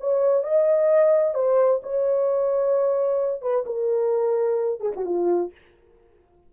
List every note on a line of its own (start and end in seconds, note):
0.00 0.44 C#5
0.44 1.34 D#5
1.34 1.81 C5
1.83 3.42 C#5
3.42 3.65 B4
3.66 4.80 A#4
4.80 4.92 G#4
4.96 5.05 F#4
5.05 5.51 F4